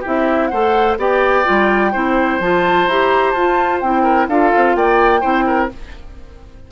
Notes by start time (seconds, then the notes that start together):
0.00 E4 G4
0.06 C4 E5
0.47 A3 A4 C5 F#5
0.97 B3 G4 D5 G5
1.44 G3 F4
1.92 C4 E4 C5
2.39 F3 F4 A5
2.87 E4 G4 A#5
3.31 F4 A5
3.80 C4 E4 G5
4.02 A#4
4.27 D4 F4 A4 F5
4.56 C4
4.75 A#3 D5 G5
5.20 C4 E4 C5
5.46 A#4